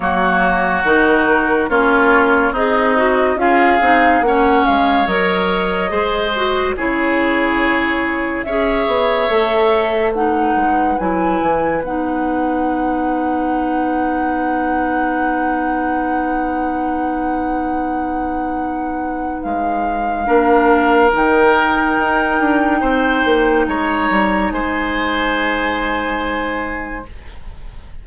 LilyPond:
<<
  \new Staff \with { instrumentName = "flute" } { \time 4/4 \tempo 4 = 71 cis''4 ais'4 cis''4 dis''4 | f''4 fis''8 f''8 dis''2 | cis''2 e''2 | fis''4 gis''4 fis''2~ |
fis''1~ | fis''2. f''4~ | f''4 g''2. | ais''4 gis''2. | }
  \new Staff \with { instrumentName = "oboe" } { \time 4/4 fis'2 f'4 dis'4 | gis'4 cis''2 c''4 | gis'2 cis''2 | b'1~ |
b'1~ | b'1 | ais'2. c''4 | cis''4 c''2. | }
  \new Staff \with { instrumentName = "clarinet" } { \time 4/4 ais4 dis'4 cis'4 gis'8 fis'8 | f'8 dis'8 cis'4 ais'4 gis'8 fis'8 | e'2 gis'4 a'4 | dis'4 e'4 dis'2~ |
dis'1~ | dis'1 | d'4 dis'2.~ | dis'1 | }
  \new Staff \with { instrumentName = "bassoon" } { \time 4/4 fis4 dis4 ais4 c'4 | cis'8 c'8 ais8 gis8 fis4 gis4 | cis2 cis'8 b8 a4~ | a8 gis8 fis8 e8 b2~ |
b1~ | b2. gis4 | ais4 dis4 dis'8 d'8 c'8 ais8 | gis8 g8 gis2. | }
>>